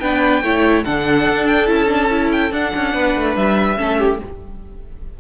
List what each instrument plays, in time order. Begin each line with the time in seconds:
0.00 cello B3, viola D4, violin B4 G5
0.43 cello A3, viola E4, violin C#5
0.85 cello D3, viola D4, violin A4 F#5
1.29 cello D4
1.47 violin G5
1.66 cello C#4, viola E4, violin A5
1.87 viola D4
2.10 viola E4
2.32 violin G5
2.52 cello D4, viola D4, violin F#5
2.75 cello C#4
2.94 cello B3, violin B4
3.16 cello A3
3.36 cello G3, violin E5
3.77 cello A3, viola C#4, violin A4
3.99 violin G4